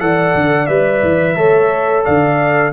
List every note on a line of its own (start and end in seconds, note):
0.00 0.35 E3
0.00 0.68 A4
0.00 1.37 D5
0.00 0.67 F#5
0.35 0.69 D3
0.67 1.03 G3
0.67 1.36 B4
0.67 2.03 E5
1.03 1.36 E3
1.36 2.05 A3
1.36 2.72 A4
1.36 2.05 C#5
2.05 2.73 D3
2.05 2.73 D5
2.05 2.73 F5